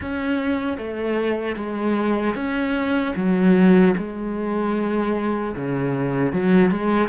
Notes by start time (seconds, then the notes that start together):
0.00 C#4
0.77 A3
1.56 G#3
2.35 C#4
3.16 F#3
3.97 G#3
5.55 C#3
6.32 F#3
6.70 G#3